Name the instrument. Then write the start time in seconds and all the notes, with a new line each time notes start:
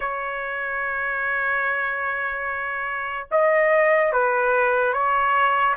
trumpet
0.00 C#5
3.31 D#5
4.12 B4
4.93 C#5